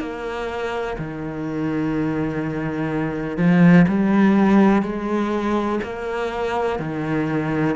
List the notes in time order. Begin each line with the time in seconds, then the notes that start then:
0.00 A#3
0.98 D#3
3.37 F3
3.88 G3
4.83 G#3
5.83 A#3
6.79 D#3